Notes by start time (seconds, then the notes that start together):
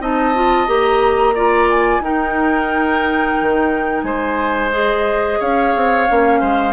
0.00 C4 D#4 D#5 A5
0.35 F4
0.67 A#3 G4 A#5
1.35 F4 D5
1.70 G#5
2.00 D#4 A#4 G5
3.41 D#3
4.02 G#3 C5 G#5
4.71 G#4 D#5
5.39 C#4 C#5 F5
5.75 C4
6.08 A#3 C#4
6.40 G#3 C5